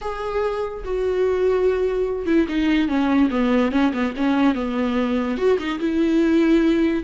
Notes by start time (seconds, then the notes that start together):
0.01 G#4
0.84 F#4
2.26 E4
2.48 D#4
2.88 C#4
3.30 B3
3.71 C#4
3.93 B3
4.16 C#4
4.54 B3
5.37 F#4
5.58 D#4
5.79 E4